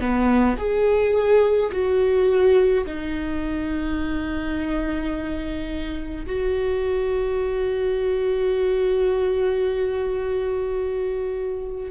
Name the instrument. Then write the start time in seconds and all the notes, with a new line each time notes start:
viola
0.00 B3
0.58 G#4
1.72 F#4
2.86 D#4
6.26 F#4